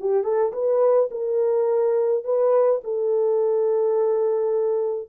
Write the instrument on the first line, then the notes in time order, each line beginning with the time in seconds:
horn
0.00 G4
0.24 A4
0.53 B4
1.11 A#4
2.24 B4
2.84 A4